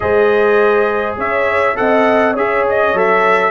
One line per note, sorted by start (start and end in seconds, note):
0.00 1.17 G#3
0.00 1.75 G#4
0.00 1.18 C5
0.00 1.16 D#5
1.17 1.76 C#4
1.17 1.77 C#5
1.17 1.76 E5
1.75 2.35 C4
1.75 2.34 A4
1.75 2.32 D#5
1.75 2.35 F#5
2.32 2.93 C#4
2.32 2.95 G#4
2.32 3.50 C#5
2.32 2.67 E5
2.69 2.98 D#5
2.93 3.50 F#3
2.93 3.50 A4
2.93 3.50 E5